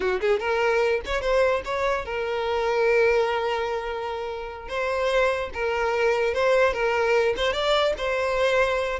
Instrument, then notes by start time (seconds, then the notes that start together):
violin
0.00 F#4
0.20 G#4
0.39 A#4
1.05 C#5
1.21 C5
1.64 C#5
2.05 A#4
4.68 C5
5.53 A#4
6.34 C5
6.73 A#4
7.36 C5
7.53 D5
7.97 C5